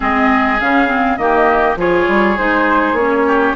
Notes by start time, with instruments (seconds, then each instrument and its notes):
0.00 bassoon G#3, clarinet C4, oboe G#4, flute D#5
0.60 bassoon C#3, clarinet C#4, flute F5
0.87 clarinet C4
1.17 bassoon D#3, clarinet A#3, oboe G4, flute D#5
1.76 bassoon F3, clarinet F4, oboe G#4, flute C#5
2.07 bassoon G3
2.37 bassoon G#3, clarinet D#4, flute C5
2.92 bassoon A#3, clarinet C#4, flute C#5
3.26 oboe G4